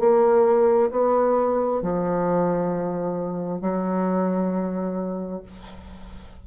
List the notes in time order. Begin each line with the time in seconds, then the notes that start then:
0.00 A#3
0.91 B3
1.82 F3
3.62 F#3